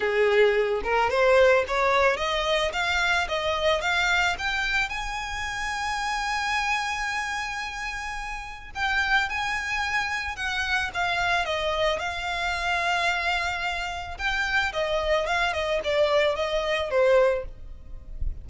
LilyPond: \new Staff \with { instrumentName = "violin" } { \time 4/4 \tempo 4 = 110 gis'4. ais'8 c''4 cis''4 | dis''4 f''4 dis''4 f''4 | g''4 gis''2.~ | gis''1 |
g''4 gis''2 fis''4 | f''4 dis''4 f''2~ | f''2 g''4 dis''4 | f''8 dis''8 d''4 dis''4 c''4 | }